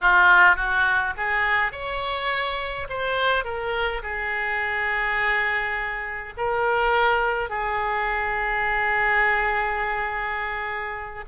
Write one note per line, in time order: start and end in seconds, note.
0.01 0.56 F4
0.56 1.14 F#4
1.17 1.72 G#4
1.72 2.87 C#5
2.89 3.44 C5
3.44 4.02 A#4
4.02 6.33 G#4
6.37 7.49 A#4
7.49 11.24 G#4